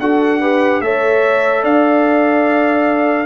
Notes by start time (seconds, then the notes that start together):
0.00 D4 F#4 A4 F#5
0.41 G4 B4
0.81 A3 A4 C#5 E5
1.63 D4 D5 F5